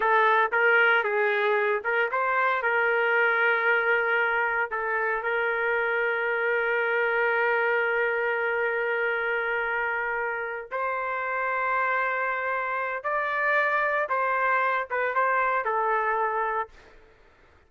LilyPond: \new Staff \with { instrumentName = "trumpet" } { \time 4/4 \tempo 4 = 115 a'4 ais'4 gis'4. ais'8 | c''4 ais'2.~ | ais'4 a'4 ais'2~ | ais'1~ |
ais'1~ | ais'8 c''2.~ c''8~ | c''4 d''2 c''4~ | c''8 b'8 c''4 a'2 | }